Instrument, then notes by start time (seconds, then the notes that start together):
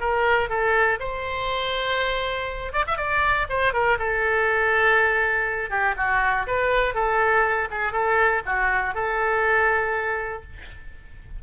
oboe
0.00 A#4
0.49 A4
1.00 C5
2.73 D5
2.87 E5
2.97 D5
3.50 C5
3.73 A#4
3.99 A4
5.70 G4
5.97 F#4
6.47 B4
6.94 A4
7.71 G#4
7.93 A4
8.46 F#4
8.95 A4